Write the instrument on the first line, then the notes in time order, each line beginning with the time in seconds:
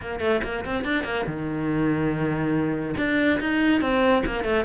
cello
0.01 A#3
0.19 A3
0.43 A#3
0.65 C4
0.84 D4
1.04 A#3
1.26 D#3
2.97 D4
3.40 D#4
3.81 C4
4.26 A#3
4.44 A3